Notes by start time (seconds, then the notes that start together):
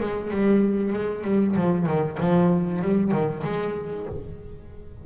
0.00 G#3
0.31 G3
0.93 G#3
1.24 G3
1.56 F3
1.87 D#3
2.20 F3
2.82 G3
3.12 D#3
3.44 G#3